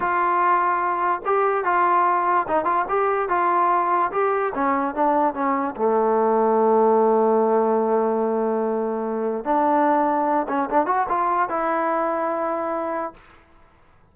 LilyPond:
\new Staff \with { instrumentName = "trombone" } { \time 4/4 \tempo 4 = 146 f'2. g'4 | f'2 dis'8 f'8 g'4 | f'2 g'4 cis'4 | d'4 cis'4 a2~ |
a1~ | a2. d'4~ | d'4. cis'8 d'8 fis'8 f'4 | e'1 | }